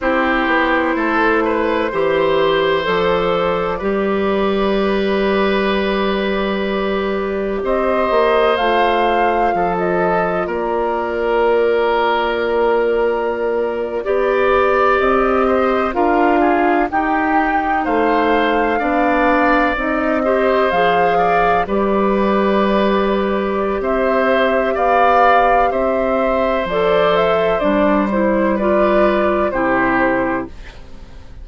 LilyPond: <<
  \new Staff \with { instrumentName = "flute" } { \time 4/4 \tempo 4 = 63 c''2. d''4~ | d''1 | dis''4 f''4~ f''16 dis''8. d''4~ | d''2.~ d''8. dis''16~ |
dis''8. f''4 g''4 f''4~ f''16~ | f''8. dis''4 f''4 d''4~ d''16~ | d''4 e''4 f''4 e''4 | d''8 e''8 d''8 c''8 d''4 c''4 | }
  \new Staff \with { instrumentName = "oboe" } { \time 4/4 g'4 a'8 b'8 c''2 | b'1 | c''2 a'4 ais'4~ | ais'2~ ais'8. d''4~ d''16~ |
d''16 c''8 ais'8 gis'8 g'4 c''4 d''16~ | d''4~ d''16 c''4 d''8 b'4~ b'16~ | b'4 c''4 d''4 c''4~ | c''2 b'4 g'4 | }
  \new Staff \with { instrumentName = "clarinet" } { \time 4/4 e'2 g'4 a'4 | g'1~ | g'4 f'2.~ | f'2~ f'8. g'4~ g'16~ |
g'8. f'4 dis'2 d'16~ | d'8. dis'8 g'8 gis'4 g'4~ g'16~ | g'1 | a'4 d'8 e'8 f'4 e'4 | }
  \new Staff \with { instrumentName = "bassoon" } { \time 4/4 c'8 b8 a4 e4 f4 | g1 | c'8 ais8 a4 f4 ais4~ | ais2~ ais8. b4 c'16~ |
c'8. d'4 dis'4 a4 b16~ | b8. c'4 f4 g4~ g16~ | g4 c'4 b4 c'4 | f4 g2 c4 | }
>>